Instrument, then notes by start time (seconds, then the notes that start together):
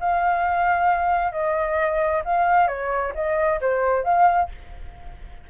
flute
0.00 F5
1.32 D#5
2.25 F5
2.67 C#5
3.15 D#5
3.60 C5
4.04 F5